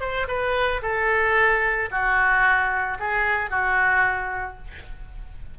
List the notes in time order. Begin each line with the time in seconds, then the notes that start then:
0.00 C5
0.28 B4
0.82 A4
1.91 F#4
3.00 G#4
3.50 F#4